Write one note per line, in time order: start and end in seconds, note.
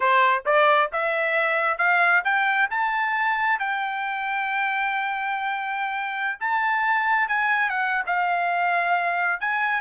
0.00 0.43 C5
0.45 0.90 D5
0.92 1.77 E5
1.77 2.22 F5
2.24 2.69 G5
2.70 3.59 A5
3.59 6.39 G5
6.40 7.28 A5
7.28 7.69 G#5
7.69 8.03 F#5
8.06 9.40 F5
9.40 9.81 G#5